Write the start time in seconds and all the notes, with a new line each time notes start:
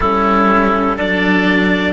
0.00 G3 C#4 E4 A4
0.96 F#3 D4 A4 D5